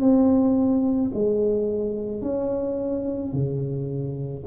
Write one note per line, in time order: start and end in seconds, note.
0.00 1.11 C4
1.14 2.22 G#3
2.22 3.33 C#4
3.33 4.44 C#3